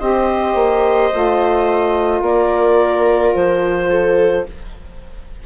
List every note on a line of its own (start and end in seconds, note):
0.00 0.55 C4
0.00 1.11 G4
0.00 2.22 C5
0.00 2.22 D#5
0.55 1.11 A#3
1.13 2.22 A3
1.13 4.46 F4
2.22 3.33 A#3
2.22 3.90 A#4
2.22 3.35 D5
3.35 4.46 F3
3.35 4.46 C5
3.90 4.45 A4